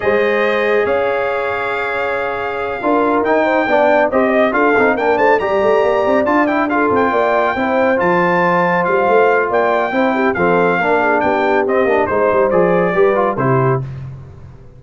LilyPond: <<
  \new Staff \with { instrumentName = "trumpet" } { \time 4/4 \tempo 4 = 139 dis''2 f''2~ | f''2.~ f''8 g''8~ | g''4. dis''4 f''4 g''8 | a''8 ais''2 a''8 g''8 f''8 |
g''2~ g''8 a''4.~ | a''8 f''4. g''2 | f''2 g''4 dis''4 | c''4 d''2 c''4 | }
  \new Staff \with { instrumentName = "horn" } { \time 4/4 c''2 cis''2~ | cis''2~ cis''8 ais'4. | c''8 d''4 c''8 dis''8 a'4 ais'8 | c''8 d''2. a'8~ |
a'8 d''4 c''2~ c''8~ | c''2 d''4 c''8 g'8 | a'4 ais'8 gis'8 g'2 | c''2 b'4 g'4 | }
  \new Staff \with { instrumentName = "trombone" } { \time 4/4 gis'1~ | gis'2~ gis'8 f'4 dis'8~ | dis'8 d'4 g'4 f'8 dis'8 d'8~ | d'8 g'2 f'8 e'8 f'8~ |
f'4. e'4 f'4.~ | f'2. e'4 | c'4 d'2 c'8 d'8 | dis'4 gis'4 g'8 f'8 e'4 | }
  \new Staff \with { instrumentName = "tuba" } { \time 4/4 gis2 cis'2~ | cis'2~ cis'8 d'4 dis'8~ | dis'8 b4 c'4 d'8 c'8 ais8 | a8 g8 a8 ais8 c'8 d'4. |
c'8 ais4 c'4 f4.~ | f8 g8 a4 ais4 c'4 | f4 ais4 b4 c'8 ais8 | gis8 g8 f4 g4 c4 | }
>>